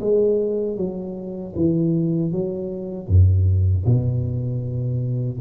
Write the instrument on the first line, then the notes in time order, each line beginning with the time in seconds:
tuba
0.00 G#3
0.77 F#3
1.55 E3
2.32 F#3
3.08 F#2
3.85 B2